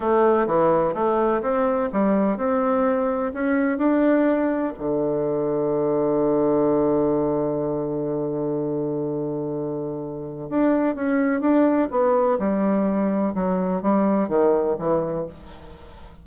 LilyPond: \new Staff \with { instrumentName = "bassoon" } { \time 4/4 \tempo 4 = 126 a4 e4 a4 c'4 | g4 c'2 cis'4 | d'2 d2~ | d1~ |
d1~ | d2 d'4 cis'4 | d'4 b4 g2 | fis4 g4 dis4 e4 | }